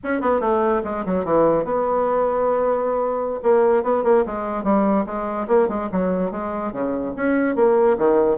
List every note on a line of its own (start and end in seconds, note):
0.03 0.21 C#4
0.21 0.40 B3
0.40 0.82 A3
0.84 1.04 G#3
1.05 1.24 F#3
1.24 1.64 E3
1.64 3.40 B3
3.43 3.83 A#3
3.83 4.03 B3
4.03 4.24 A#3
4.26 4.63 G#3
4.63 5.05 G3
5.06 5.47 G#3
5.47 5.68 A#3
5.68 5.89 G#3
5.92 6.31 F#3
6.31 6.72 G#3
6.72 7.13 C#3
7.16 7.55 C#4
7.55 7.97 A#3
7.98 8.37 D#3